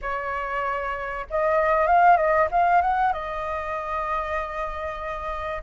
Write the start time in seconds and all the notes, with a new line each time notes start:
0.01 C#5
1.30 D#5
1.86 F5
2.16 D#5
2.51 F5
2.81 F#5
3.12 D#5